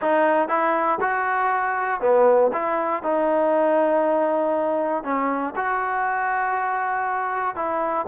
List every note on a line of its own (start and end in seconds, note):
0.01 0.48 D#4
0.48 0.98 E4
1.00 2.00 F#4
2.00 2.51 B3
2.52 3.02 E4
3.02 5.03 D#4
5.03 5.53 C#4
5.56 7.55 F#4
7.55 8.06 E4